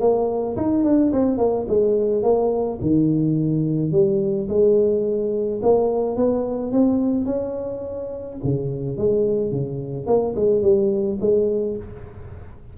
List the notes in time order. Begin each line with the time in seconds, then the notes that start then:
0.00 A#3
0.57 D#4
0.84 D4
1.13 C4
1.38 A#3
1.68 G#3
2.23 A#3
2.81 D#3
3.92 G3
4.49 G#3
5.63 A#3
6.17 B3
6.72 C4
7.25 C#4
8.44 C#3
8.97 G#3
9.51 C#3
10.07 A#3
10.36 G#3
10.62 G3
11.21 G#3